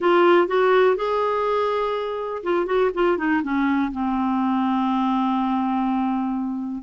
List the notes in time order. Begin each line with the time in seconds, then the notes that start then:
0.00 F4
0.47 F#4
0.96 G#4
2.43 F4
2.66 F#4
2.94 F4
3.17 D#4
3.42 C#4
3.92 C4